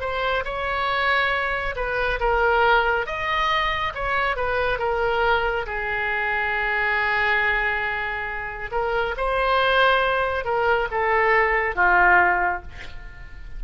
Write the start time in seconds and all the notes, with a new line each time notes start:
0.00 C5
0.44 C#5
1.75 B4
2.20 A#4
3.06 D#5
3.94 C#5
4.36 B4
4.78 A#4
5.66 G#4
8.71 A#4
9.17 C5
10.44 A#4
10.91 A4
11.75 F4